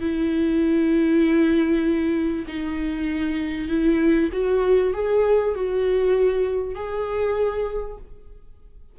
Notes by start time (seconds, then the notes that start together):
0.00 E4
2.47 D#4
3.68 E4
4.32 F#4
4.93 G#4
5.55 F#4
6.75 G#4